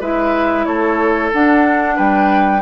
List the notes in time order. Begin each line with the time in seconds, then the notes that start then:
0.00 G#3 E4 B4 E5
0.65 A3 A4 C#5
1.32 D4 F#5
1.96 G3 B4 G5